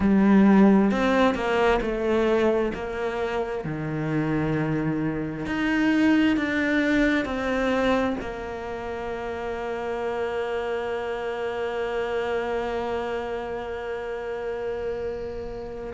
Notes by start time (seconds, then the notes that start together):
0.00 G3
0.91 C4
1.34 A#3
1.81 A3
2.74 A#3
3.64 D#3
5.45 D#4
6.36 D4
7.25 C4
8.20 A#3